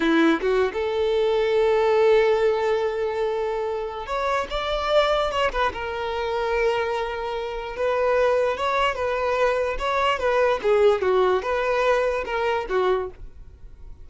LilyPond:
\new Staff \with { instrumentName = "violin" } { \time 4/4 \tempo 4 = 147 e'4 fis'8. a'2~ a'16~ | a'1~ | a'2 cis''4 d''4~ | d''4 cis''8 b'8 ais'2~ |
ais'2. b'4~ | b'4 cis''4 b'2 | cis''4 b'4 gis'4 fis'4 | b'2 ais'4 fis'4 | }